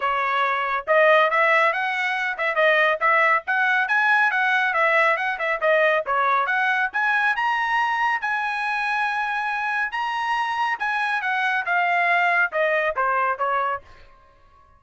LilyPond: \new Staff \with { instrumentName = "trumpet" } { \time 4/4 \tempo 4 = 139 cis''2 dis''4 e''4 | fis''4. e''8 dis''4 e''4 | fis''4 gis''4 fis''4 e''4 | fis''8 e''8 dis''4 cis''4 fis''4 |
gis''4 ais''2 gis''4~ | gis''2. ais''4~ | ais''4 gis''4 fis''4 f''4~ | f''4 dis''4 c''4 cis''4 | }